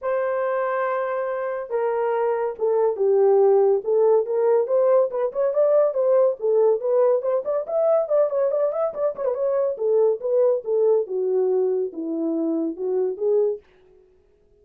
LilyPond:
\new Staff \with { instrumentName = "horn" } { \time 4/4 \tempo 4 = 141 c''1 | ais'2 a'4 g'4~ | g'4 a'4 ais'4 c''4 | b'8 cis''8 d''4 c''4 a'4 |
b'4 c''8 d''8 e''4 d''8 cis''8 | d''8 e''8 d''8 cis''16 b'16 cis''4 a'4 | b'4 a'4 fis'2 | e'2 fis'4 gis'4 | }